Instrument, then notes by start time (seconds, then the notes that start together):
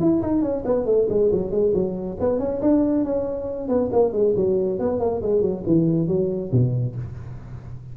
tuba
0.00 E4
0.22 D#4
0.42 C#4
0.65 B3
0.86 A3
1.09 G#3
1.32 F#3
1.51 G#3
1.74 F#3
2.20 B3
2.39 C#4
2.62 D4
3.04 C#4
3.68 B3
3.92 A#3
4.12 G#3
4.36 F#3
4.79 B3
5.00 A#3
5.22 G#3
5.42 F#3
5.66 E3
6.08 F#3
6.52 B2